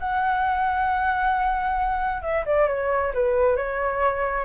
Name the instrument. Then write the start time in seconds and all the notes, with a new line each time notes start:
flute
0.00 F#5
2.23 E5
2.46 D5
2.68 C#5
3.15 B4
3.57 C#5